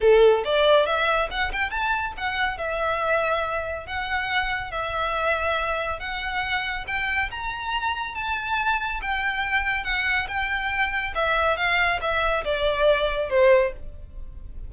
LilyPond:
\new Staff \with { instrumentName = "violin" } { \time 4/4 \tempo 4 = 140 a'4 d''4 e''4 fis''8 g''8 | a''4 fis''4 e''2~ | e''4 fis''2 e''4~ | e''2 fis''2 |
g''4 ais''2 a''4~ | a''4 g''2 fis''4 | g''2 e''4 f''4 | e''4 d''2 c''4 | }